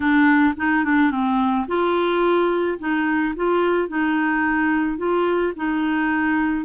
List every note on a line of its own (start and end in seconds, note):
0.00 0.54 D4
0.56 0.84 D#4
0.84 1.10 D4
1.10 1.66 C4
1.67 2.78 F4
2.78 3.34 D#4
3.35 3.88 F4
3.88 4.97 D#4
4.97 5.53 F4
5.56 6.65 D#4